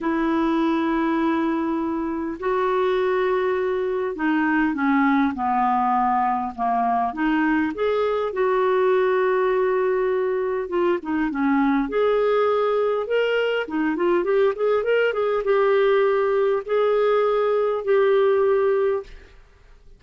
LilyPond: \new Staff \with { instrumentName = "clarinet" } { \time 4/4 \tempo 4 = 101 e'1 | fis'2. dis'4 | cis'4 b2 ais4 | dis'4 gis'4 fis'2~ |
fis'2 f'8 dis'8 cis'4 | gis'2 ais'4 dis'8 f'8 | g'8 gis'8 ais'8 gis'8 g'2 | gis'2 g'2 | }